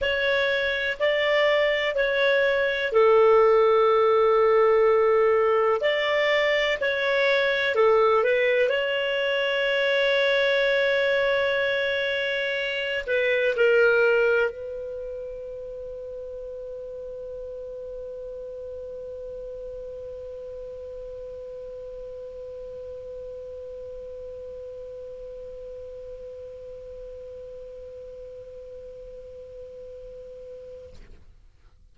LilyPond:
\new Staff \with { instrumentName = "clarinet" } { \time 4/4 \tempo 4 = 62 cis''4 d''4 cis''4 a'4~ | a'2 d''4 cis''4 | a'8 b'8 cis''2.~ | cis''4. b'8 ais'4 b'4~ |
b'1~ | b'1~ | b'1~ | b'1 | }